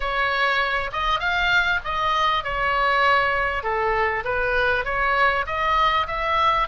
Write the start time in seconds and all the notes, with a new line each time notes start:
0.00 C#5
0.92 D#5
1.19 F5
1.84 D#5
2.44 C#5
3.63 A4
4.24 B4
4.85 C#5
5.46 D#5
6.07 E5